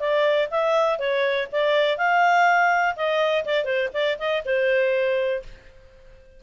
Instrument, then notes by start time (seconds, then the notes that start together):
clarinet
0.00 D5
0.51 E5
0.99 C#5
1.53 D5
1.98 F5
2.96 D#5
3.46 D5
3.65 C5
3.94 D5
4.19 D#5
4.46 C5